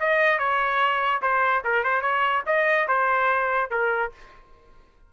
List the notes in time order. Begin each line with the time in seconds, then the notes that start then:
0.00 D#5
0.39 C#5
1.22 C5
1.65 A#4
1.84 C5
2.02 C#5
2.46 D#5
2.88 C5
3.71 A#4